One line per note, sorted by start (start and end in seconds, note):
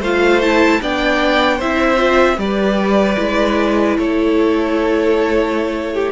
0.00 0.79 A3
0.00 0.42 F4
0.00 0.80 C5
0.00 0.42 F5
0.42 0.82 E4
0.42 0.81 A5
0.82 1.61 B3
0.82 1.61 D4
0.82 1.57 D5
0.82 1.61 G5
1.57 2.37 C4
1.57 1.97 E4
1.57 2.36 C5
1.57 2.39 E5
1.97 2.37 F4
2.37 3.16 G3
2.37 3.17 G4
2.37 3.99 B4
2.37 3.97 D5
3.17 3.97 G#3
3.17 6.12 E4
3.98 6.12 A3
3.98 5.94 A4
3.98 6.12 C#5
5.94 6.12 G4